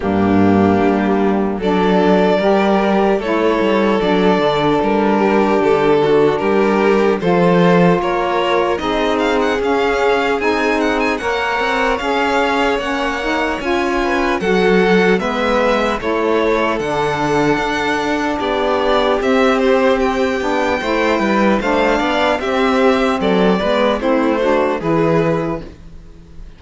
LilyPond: <<
  \new Staff \with { instrumentName = "violin" } { \time 4/4 \tempo 4 = 75 g'2 d''2 | cis''4 d''4 ais'4 a'4 | ais'4 c''4 cis''4 dis''8 f''16 fis''16 | f''4 gis''8 fis''16 gis''16 fis''4 f''4 |
fis''4 gis''4 fis''4 e''4 | cis''4 fis''2 d''4 | e''8 c''8 g''2 f''4 | e''4 d''4 c''4 b'4 | }
  \new Staff \with { instrumentName = "violin" } { \time 4/4 d'2 a'4 ais'4 | a'2~ a'8 g'4 fis'8 | g'4 a'4 ais'4 gis'4~ | gis'2 cis''2~ |
cis''4. b'8 a'4 b'4 | a'2. g'4~ | g'2 c''8 b'8 c''8 d''8 | g'4 a'8 b'8 e'8 fis'8 gis'4 | }
  \new Staff \with { instrumentName = "saxophone" } { \time 4/4 ais2 d'4 g'4 | e'4 d'2.~ | d'4 f'2 dis'4 | cis'4 dis'4 ais'4 gis'4 |
cis'8 dis'8 f'4 fis'4 b4 | e'4 d'2. | c'4. d'8 e'4 d'4 | c'4. b8 c'8 d'8 e'4 | }
  \new Staff \with { instrumentName = "cello" } { \time 4/4 g,4 g4 fis4 g4 | a8 g8 fis8 d8 g4 d4 | g4 f4 ais4 c'4 | cis'4 c'4 ais8 c'8 cis'4 |
ais4 cis'4 fis4 gis4 | a4 d4 d'4 b4 | c'4. b8 a8 g8 a8 b8 | c'4 fis8 gis8 a4 e4 | }
>>